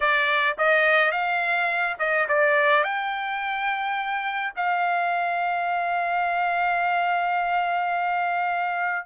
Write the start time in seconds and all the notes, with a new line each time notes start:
0.00 D5
0.58 D#5
1.11 F5
1.98 D#5
2.28 D5
2.83 G5
4.56 F5